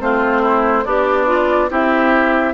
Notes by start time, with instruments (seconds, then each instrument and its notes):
0.00 bassoon A3, clarinet C4, oboe F4, flute C5
0.42 oboe E4
0.86 bassoon B3, oboe D4, clarinet G4, flute D5
1.27 clarinet F4
1.70 bassoon C4, clarinet E4, oboe G4, flute E5